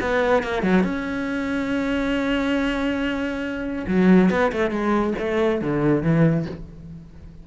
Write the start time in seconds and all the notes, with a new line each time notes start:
0.00 B3
0.42 A#3
0.62 F#3
0.83 C#4
3.87 F#3
4.30 B3
4.52 A3
4.70 G#3
5.18 A3
5.61 D3
6.02 E3